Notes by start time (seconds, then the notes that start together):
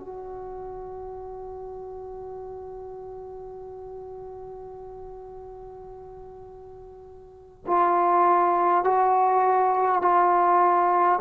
0.00 F#4
7.67 F4
8.84 F#4
10.02 F4